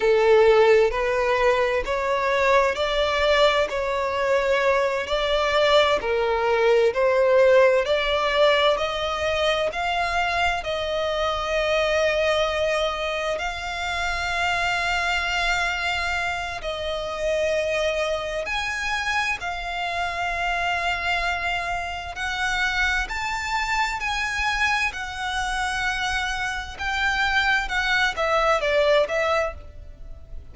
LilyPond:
\new Staff \with { instrumentName = "violin" } { \time 4/4 \tempo 4 = 65 a'4 b'4 cis''4 d''4 | cis''4. d''4 ais'4 c''8~ | c''8 d''4 dis''4 f''4 dis''8~ | dis''2~ dis''8 f''4.~ |
f''2 dis''2 | gis''4 f''2. | fis''4 a''4 gis''4 fis''4~ | fis''4 g''4 fis''8 e''8 d''8 e''8 | }